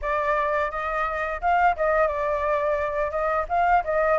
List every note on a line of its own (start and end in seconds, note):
0.01 0.70 D5
0.70 1.40 D#5
1.41 1.76 F5
1.76 2.07 D#5
2.07 3.10 D5
3.10 3.45 D#5
3.49 3.83 F5
3.84 4.18 D#5